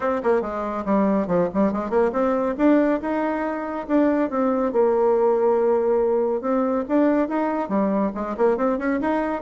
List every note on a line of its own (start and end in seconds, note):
0.00 0.21 C4
0.23 0.41 A#3
0.41 0.84 G#3
0.85 1.27 G3
1.27 1.48 F3
1.54 1.72 G3
1.72 1.90 G#3
1.90 2.11 A#3
2.12 2.55 C4
2.57 3.00 D4
3.01 3.86 D#4
3.87 4.30 D4
4.30 4.72 C4
4.72 6.41 A#3
6.41 6.84 C4
6.88 7.28 D4
7.28 7.68 D#4
7.68 8.11 G3
8.14 8.36 G#3
8.37 8.57 A#3
8.57 8.78 C4
8.78 9.00 C#4
9.00 9.42 D#4